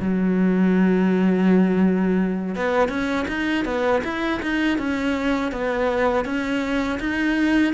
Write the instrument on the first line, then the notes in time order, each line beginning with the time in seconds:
cello
0.00 F#3
2.56 B3
2.89 C#4
3.28 D#4
3.65 B3
4.04 E4
4.42 D#4
4.78 C#4
5.52 B3
6.25 C#4
7.00 D#4